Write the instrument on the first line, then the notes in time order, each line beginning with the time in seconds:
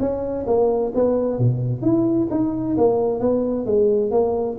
tuba
0.00 C#4
0.47 A#3
0.95 B3
1.39 B2
1.82 E4
2.31 D#4
2.78 A#3
3.20 B3
3.66 G#3
4.12 A#3